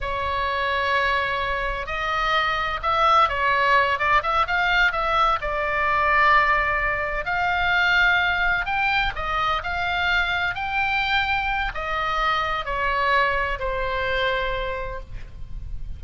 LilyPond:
\new Staff \with { instrumentName = "oboe" } { \time 4/4 \tempo 4 = 128 cis''1 | dis''2 e''4 cis''4~ | cis''8 d''8 e''8 f''4 e''4 d''8~ | d''2.~ d''8 f''8~ |
f''2~ f''8 g''4 dis''8~ | dis''8 f''2 g''4.~ | g''4 dis''2 cis''4~ | cis''4 c''2. | }